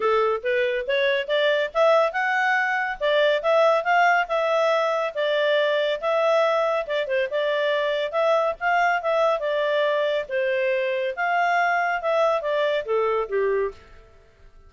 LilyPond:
\new Staff \with { instrumentName = "clarinet" } { \time 4/4 \tempo 4 = 140 a'4 b'4 cis''4 d''4 | e''4 fis''2 d''4 | e''4 f''4 e''2 | d''2 e''2 |
d''8 c''8 d''2 e''4 | f''4 e''4 d''2 | c''2 f''2 | e''4 d''4 a'4 g'4 | }